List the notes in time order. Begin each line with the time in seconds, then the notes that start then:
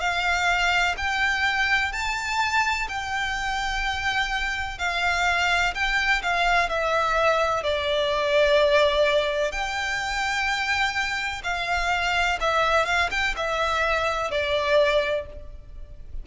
0.00 F5
0.98 G5
1.93 A5
2.89 G5
4.79 F5
5.75 G5
6.23 F5
6.69 E5
7.64 D5
9.52 G5
11.44 F5
12.41 E5
12.86 F5
13.11 G5
13.37 E5
14.31 D5